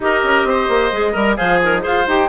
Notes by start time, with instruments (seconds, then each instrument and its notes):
0.00 bassoon D#4, clarinet G4, oboe A#4, flute D#5
0.23 bassoon C#4
0.44 bassoon C4, oboe C5
0.69 bassoon A#3
0.92 bassoon G#3, clarinet G#4
1.12 bassoon G3, oboe A#4, clarinet A#4
1.36 bassoon F3, oboe G#4, clarinet C5, flute F5
1.63 flute D#4, clarinet A#4
1.81 bassoon F4, clarinet G#4, oboe C5, flute F5
2.07 bassoon D#4, clarinet G4, flute G5